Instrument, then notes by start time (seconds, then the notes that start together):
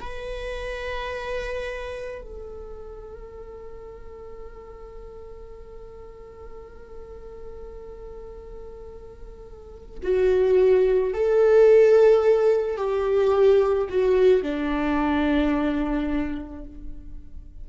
viola
0.00 B4
2.21 A4
10.03 F#4
11.13 A4
12.77 G4
13.89 F#4
14.42 D4